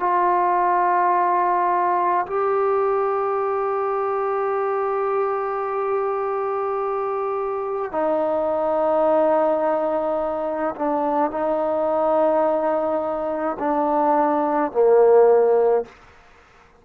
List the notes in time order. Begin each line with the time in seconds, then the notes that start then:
0.00 F4
2.27 G4
7.92 D#4
10.76 D4
11.31 D#4
13.60 D4
14.73 A#3